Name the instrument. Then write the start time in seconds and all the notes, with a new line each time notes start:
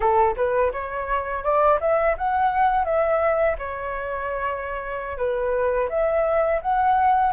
flute
0.00 A4
0.36 B4
0.72 C#5
1.43 D5
1.80 E5
2.17 F#5
2.84 E5
3.58 C#5
5.17 B4
5.89 E5
6.61 F#5